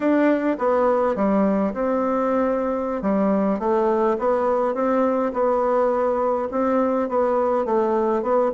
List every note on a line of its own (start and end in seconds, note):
0.00 0.57 D4
0.58 1.15 B3
1.15 1.73 G3
1.73 3.02 C4
3.02 3.59 G3
3.59 4.16 A3
4.18 4.74 B3
4.74 5.32 C4
5.33 6.48 B3
6.51 7.08 C4
7.08 7.65 B3
7.65 8.22 A3
8.22 8.51 B3